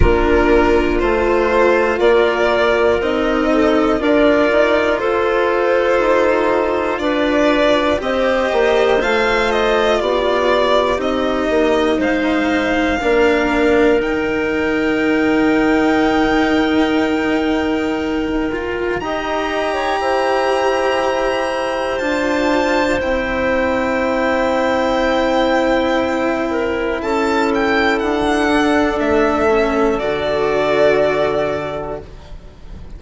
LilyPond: <<
  \new Staff \with { instrumentName = "violin" } { \time 4/4 \tempo 4 = 60 ais'4 c''4 d''4 dis''4 | d''4 c''2 d''4 | dis''4 f''8 dis''8 d''4 dis''4 | f''2 g''2~ |
g''2. ais''4~ | ais''2 a''4 g''4~ | g''2. a''8 g''8 | fis''4 e''4 d''2 | }
  \new Staff \with { instrumentName = "clarinet" } { \time 4/4 f'2 ais'4. a'8 | ais'4 a'2 b'4 | c''2 g'2 | c''4 ais'2.~ |
ais'2. dis''8. cis''16 | c''1~ | c''2~ c''8 ais'8 a'4~ | a'1 | }
  \new Staff \with { instrumentName = "cello" } { \time 4/4 d'4 f'2 dis'4 | f'1 | g'4 f'2 dis'4~ | dis'4 d'4 dis'2~ |
dis'2~ dis'8 f'8 g'4~ | g'2 f'4 e'4~ | e'1~ | e'8 d'4 cis'8 fis'2 | }
  \new Staff \with { instrumentName = "bassoon" } { \time 4/4 ais4 a4 ais4 c'4 | d'8 dis'8 f'4 dis'4 d'4 | c'8 ais8 a4 b4 c'8 ais8 | gis4 ais4 dis2~ |
dis2. dis'4 | e'2 d'4 c'4~ | c'2. cis'4 | d'4 a4 d2 | }
>>